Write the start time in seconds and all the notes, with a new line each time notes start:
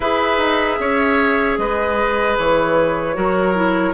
0.00 E4 G#4 B4 E5
0.38 D#4
0.79 C#4 C#5
1.57 G#3 B4 D#5
2.37 E3 C#5
3.13 F#3 F#4 A#4
3.54 E4